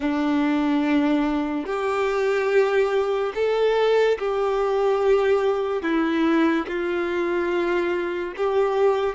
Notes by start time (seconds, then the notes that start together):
0.00 D4
1.66 G4
3.34 A4
4.19 G4
5.82 E4
6.67 F4
8.36 G4